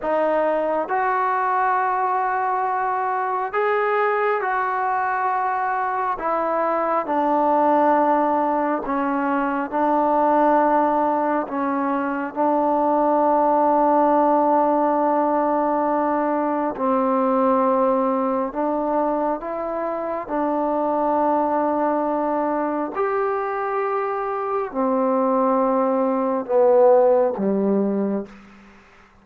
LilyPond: \new Staff \with { instrumentName = "trombone" } { \time 4/4 \tempo 4 = 68 dis'4 fis'2. | gis'4 fis'2 e'4 | d'2 cis'4 d'4~ | d'4 cis'4 d'2~ |
d'2. c'4~ | c'4 d'4 e'4 d'4~ | d'2 g'2 | c'2 b4 g4 | }